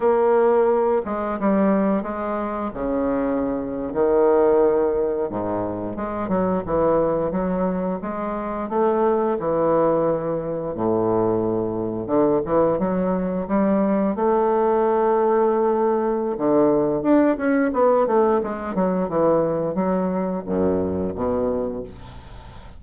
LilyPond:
\new Staff \with { instrumentName = "bassoon" } { \time 4/4 \tempo 4 = 88 ais4. gis8 g4 gis4 | cis4.~ cis16 dis2 gis,16~ | gis,8. gis8 fis8 e4 fis4 gis16~ | gis8. a4 e2 a,16~ |
a,4.~ a,16 d8 e8 fis4 g16~ | g8. a2.~ a16 | d4 d'8 cis'8 b8 a8 gis8 fis8 | e4 fis4 fis,4 b,4 | }